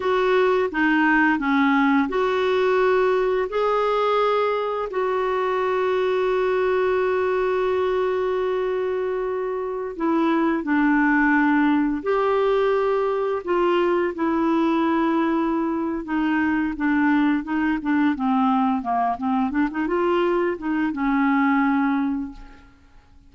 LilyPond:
\new Staff \with { instrumentName = "clarinet" } { \time 4/4 \tempo 4 = 86 fis'4 dis'4 cis'4 fis'4~ | fis'4 gis'2 fis'4~ | fis'1~ | fis'2~ fis'16 e'4 d'8.~ |
d'4~ d'16 g'2 f'8.~ | f'16 e'2~ e'8. dis'4 | d'4 dis'8 d'8 c'4 ais8 c'8 | d'16 dis'16 f'4 dis'8 cis'2 | }